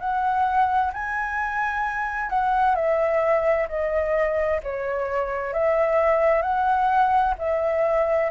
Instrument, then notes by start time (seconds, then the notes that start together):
flute
0.00 F#5
0.94 G#5
2.30 F#5
2.75 E5
3.69 D#5
4.64 C#5
5.54 E5
6.42 F#5
7.38 E5